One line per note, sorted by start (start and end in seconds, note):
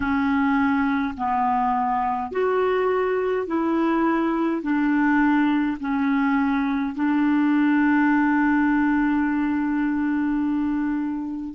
0.00 1.14 C#4
1.17 2.31 B3
2.31 3.46 F#4
3.46 4.62 E4
4.62 5.77 D4
5.80 6.95 C#4
6.95 11.54 D4